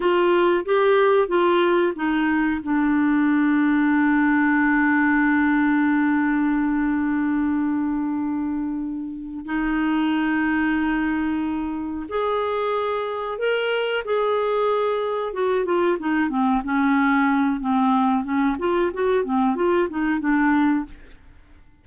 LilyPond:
\new Staff \with { instrumentName = "clarinet" } { \time 4/4 \tempo 4 = 92 f'4 g'4 f'4 dis'4 | d'1~ | d'1~ | d'2~ d'8 dis'4.~ |
dis'2~ dis'8 gis'4.~ | gis'8 ais'4 gis'2 fis'8 | f'8 dis'8 c'8 cis'4. c'4 | cis'8 f'8 fis'8 c'8 f'8 dis'8 d'4 | }